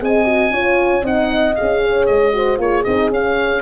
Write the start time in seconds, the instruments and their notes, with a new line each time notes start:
0.00 tuba C4, horn G#4 D#5, oboe G#5
0.24 horn F#4
0.51 tuba C#4, horn F4 C#5
1.03 tuba C4, horn D#4 D#5, oboe F#5
1.55 horn G#4, oboe F5
1.62 tuba C#4
1.83 horn C#5
2.06 tuba G#3, oboe D#5
2.33 horn F#4 C5
2.58 tuba A#3, horn F4 G#4, oboe C#5
2.84 tuba C4, horn D#4, oboe D#5
3.10 tuba C#4, horn C#4, oboe F5